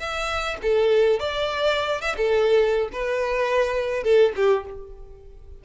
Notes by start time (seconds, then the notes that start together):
0.00 E5
0.63 A4
1.20 D5
2.02 E5
2.17 A4
2.93 B4
4.04 A4
4.36 G4